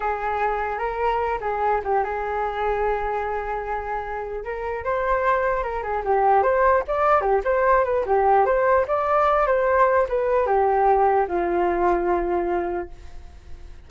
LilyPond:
\new Staff \with { instrumentName = "flute" } { \time 4/4 \tempo 4 = 149 gis'2 ais'4. gis'8~ | gis'8 g'8 gis'2.~ | gis'2. ais'4 | c''2 ais'8 gis'8 g'4 |
c''4 d''4 g'8 c''4 b'8 | g'4 c''4 d''4. c''8~ | c''4 b'4 g'2 | f'1 | }